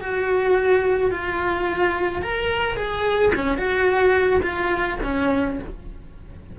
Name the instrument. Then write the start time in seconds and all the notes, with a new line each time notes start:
cello
0.00 F#4
1.11 F4
2.22 A#4
2.76 G#4
3.34 C#4
3.57 F#4
4.42 F4
5.03 C#4